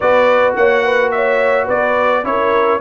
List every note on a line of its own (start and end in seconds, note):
0.00 0.55 B3
0.00 2.24 F#4
0.00 0.56 B4
0.00 0.54 D5
0.55 1.67 A#3
0.55 0.84 C#5
0.55 1.11 F#5
0.84 1.12 B4
1.11 1.64 C#5
1.11 1.67 E5
1.64 2.23 B3
1.64 2.20 B4
1.64 2.25 D5
2.23 2.79 C#4
2.23 2.80 E4
2.23 2.80 A#4
2.23 2.80 C#5